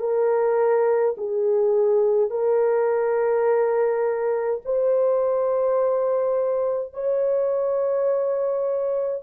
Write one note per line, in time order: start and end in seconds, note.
0.00 1.15 A#4
1.17 2.30 G#4
2.30 4.61 A#4
4.65 6.93 C5
6.93 9.23 C#5